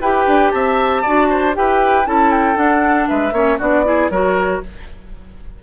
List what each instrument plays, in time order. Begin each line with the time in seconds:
0.00 bassoon E4, clarinet G4, oboe B4, flute G5
0.26 bassoon D4
0.51 bassoon C4, oboe E5, flute A5
1.02 bassoon D4, clarinet F#4, oboe D5
1.30 oboe C5
1.53 bassoon E4, clarinet G4, oboe B4, flute G5
2.05 bassoon C#4, clarinet E4, oboe A4, flute A5
2.31 flute G5
2.55 clarinet D4, bassoon D4, flute F#5
3.08 bassoon G#3, oboe B4, flute E5
3.32 bassoon A#3, clarinet C#4, oboe C#5
3.58 bassoon B3, clarinet D4, oboe F#4, flute D5
3.85 clarinet E4, oboe G#4
4.10 bassoon F#3, clarinet F#4, oboe A#4, flute C#5